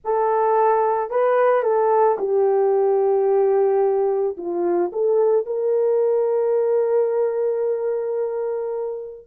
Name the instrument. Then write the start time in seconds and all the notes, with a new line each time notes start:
horn
0.04 A4
1.10 B4
1.62 A4
2.18 G4
4.37 F4
4.92 A4
5.46 A#4